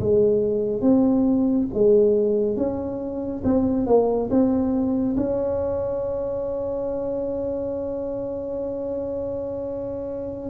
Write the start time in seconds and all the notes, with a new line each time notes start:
0.00 G#3
0.81 C4
1.74 G#3
2.57 C#4
3.44 C4
3.87 A#3
4.31 C4
5.17 C#4